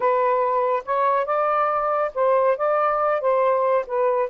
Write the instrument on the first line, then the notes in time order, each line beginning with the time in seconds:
saxophone
0.00 B4
0.85 C#5
1.25 D5
2.14 C5
2.57 D5
3.20 C5
3.86 B4